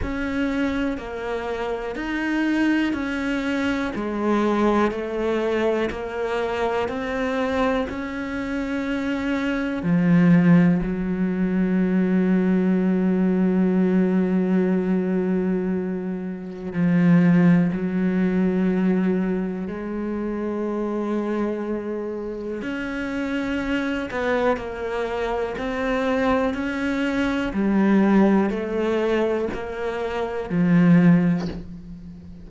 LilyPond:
\new Staff \with { instrumentName = "cello" } { \time 4/4 \tempo 4 = 61 cis'4 ais4 dis'4 cis'4 | gis4 a4 ais4 c'4 | cis'2 f4 fis4~ | fis1~ |
fis4 f4 fis2 | gis2. cis'4~ | cis'8 b8 ais4 c'4 cis'4 | g4 a4 ais4 f4 | }